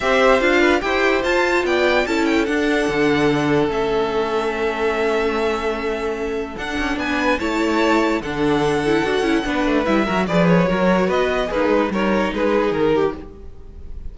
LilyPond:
<<
  \new Staff \with { instrumentName = "violin" } { \time 4/4 \tempo 4 = 146 e''4 f''4 g''4 a''4 | g''4 a''8 g''8 fis''2~ | fis''4 e''2.~ | e''1 |
fis''4 gis''4 a''2 | fis''1 | e''4 d''8 cis''4. dis''4 | b'4 cis''4 b'4 ais'4 | }
  \new Staff \with { instrumentName = "violin" } { \time 4/4 c''4. b'8 c''2 | d''4 a'2.~ | a'1~ | a'1~ |
a'4 b'4 cis''2 | a'2. b'4~ | b'8 ais'8 b'4 ais'4 b'4 | dis'4 ais'4 gis'4. g'8 | }
  \new Staff \with { instrumentName = "viola" } { \time 4/4 g'4 f'4 g'4 f'4~ | f'4 e'4 d'2~ | d'4 cis'2.~ | cis'1 |
d'2 e'2 | d'4. e'8 fis'8 e'8 d'4 | e'8 fis'8 gis'4 fis'2 | gis'4 dis'2. | }
  \new Staff \with { instrumentName = "cello" } { \time 4/4 c'4 d'4 e'4 f'4 | b4 cis'4 d'4 d4~ | d4 a2.~ | a1 |
d'8 cis'8 b4 a2 | d2 d'8 cis'8 b8 a8 | g8 fis8 f4 fis4 b4 | ais8 gis8 g4 gis4 dis4 | }
>>